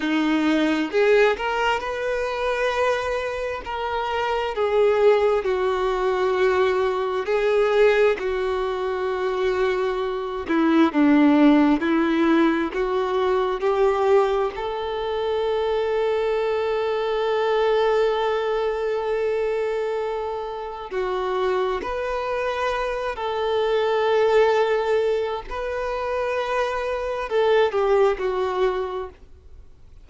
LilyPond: \new Staff \with { instrumentName = "violin" } { \time 4/4 \tempo 4 = 66 dis'4 gis'8 ais'8 b'2 | ais'4 gis'4 fis'2 | gis'4 fis'2~ fis'8 e'8 | d'4 e'4 fis'4 g'4 |
a'1~ | a'2. fis'4 | b'4. a'2~ a'8 | b'2 a'8 g'8 fis'4 | }